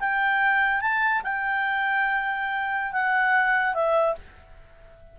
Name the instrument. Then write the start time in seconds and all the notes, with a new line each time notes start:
clarinet
0.00 G5
0.81 A5
1.23 G5
2.93 F#5
3.74 E5